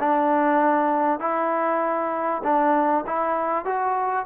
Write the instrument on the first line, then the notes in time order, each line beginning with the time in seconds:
trombone
0.00 D4
1.20 E4
2.44 D4
3.07 E4
3.65 F#4